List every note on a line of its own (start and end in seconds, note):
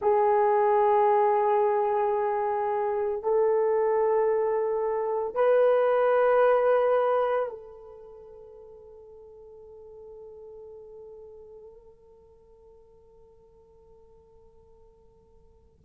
0.01 3.22 G#4
3.22 5.35 A4
5.35 7.49 B4
7.49 15.79 A4